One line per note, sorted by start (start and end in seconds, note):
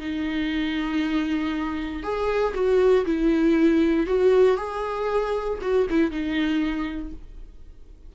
0.00 2.03 D#4
2.03 2.54 G#4
2.54 3.05 F#4
3.05 4.07 E4
4.07 4.57 F#4
4.57 5.59 G#4
5.61 5.87 F#4
5.90 6.11 E4
6.11 7.12 D#4